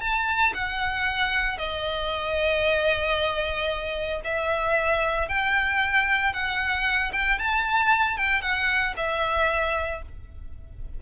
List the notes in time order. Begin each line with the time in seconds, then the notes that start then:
0.00 A5
0.54 F#5
1.57 D#5
4.24 E5
5.28 G5
6.33 F#5
7.12 G5
7.38 A5
8.17 G5
8.41 F#5
8.96 E5